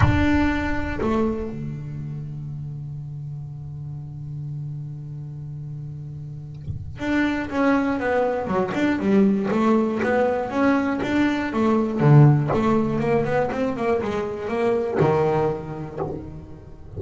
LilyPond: \new Staff \with { instrumentName = "double bass" } { \time 4/4 \tempo 4 = 120 d'2 a4 d4~ | d1~ | d1~ | d2 d'4 cis'4 |
b4 fis8 d'8 g4 a4 | b4 cis'4 d'4 a4 | d4 a4 ais8 b8 c'8 ais8 | gis4 ais4 dis2 | }